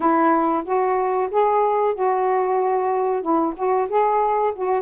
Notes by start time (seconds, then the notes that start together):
0.00 E4
0.65 F#4
1.30 G#4
1.94 F#4
3.21 E4
3.56 F#4
3.89 G#4
4.55 F#4